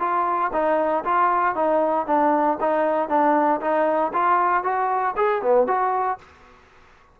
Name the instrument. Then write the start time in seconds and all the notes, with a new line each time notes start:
trombone
0.00 F4
0.53 D#4
1.05 F4
1.56 D#4
2.07 D4
2.61 D#4
3.09 D4
3.61 D#4
4.14 F4
4.64 F#4
5.17 G#4
5.42 B3
5.67 F#4